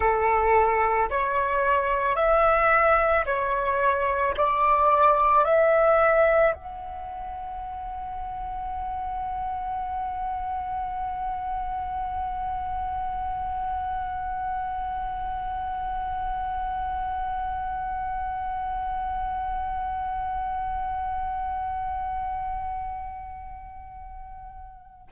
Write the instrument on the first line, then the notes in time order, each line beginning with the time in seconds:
flute
0.00 A4
1.10 C#5
2.15 E5
3.25 C#5
4.37 D5
5.44 E5
6.54 F#5